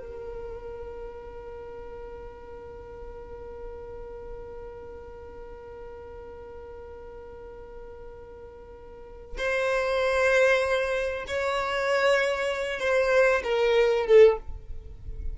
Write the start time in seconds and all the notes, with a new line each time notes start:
0.00 A#4
9.38 C5
11.28 C#5
12.80 C5
13.44 A#4
14.07 A4